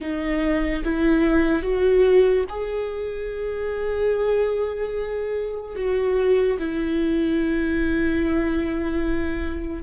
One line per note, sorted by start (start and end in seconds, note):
0.00 0.83 D#4
0.84 1.62 E4
1.62 2.44 F#4
2.49 5.75 G#4
5.75 6.58 F#4
6.59 9.82 E4